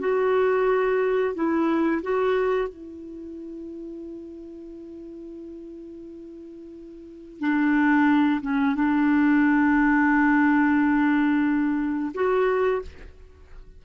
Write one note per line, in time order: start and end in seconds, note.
0.00 1.35 F#4
1.35 2.02 E4
2.03 2.69 F#4
2.69 7.40 E4
7.40 8.41 D4
8.42 8.76 C#4
8.76 12.13 D4
12.15 12.82 F#4